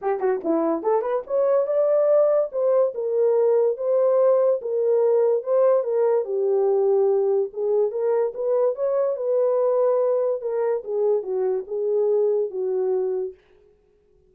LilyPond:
\new Staff \with { instrumentName = "horn" } { \time 4/4 \tempo 4 = 144 g'8 fis'8 e'4 a'8 b'8 cis''4 | d''2 c''4 ais'4~ | ais'4 c''2 ais'4~ | ais'4 c''4 ais'4 g'4~ |
g'2 gis'4 ais'4 | b'4 cis''4 b'2~ | b'4 ais'4 gis'4 fis'4 | gis'2 fis'2 | }